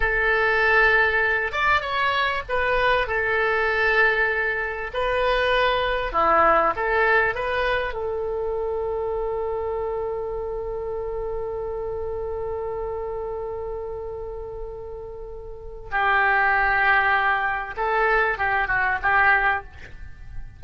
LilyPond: \new Staff \with { instrumentName = "oboe" } { \time 4/4 \tempo 4 = 98 a'2~ a'8 d''8 cis''4 | b'4 a'2. | b'2 e'4 a'4 | b'4 a'2.~ |
a'1~ | a'1~ | a'2 g'2~ | g'4 a'4 g'8 fis'8 g'4 | }